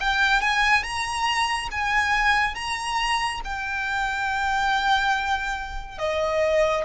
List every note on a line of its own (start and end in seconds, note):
0.00 0.41 G5
0.41 0.83 G#5
0.83 1.69 A#5
1.71 2.55 G#5
2.55 3.41 A#5
3.44 5.99 G5
5.99 6.85 D#5